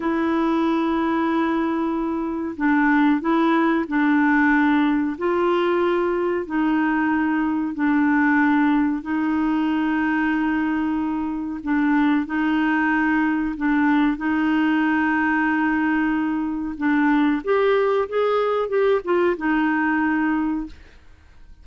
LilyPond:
\new Staff \with { instrumentName = "clarinet" } { \time 4/4 \tempo 4 = 93 e'1 | d'4 e'4 d'2 | f'2 dis'2 | d'2 dis'2~ |
dis'2 d'4 dis'4~ | dis'4 d'4 dis'2~ | dis'2 d'4 g'4 | gis'4 g'8 f'8 dis'2 | }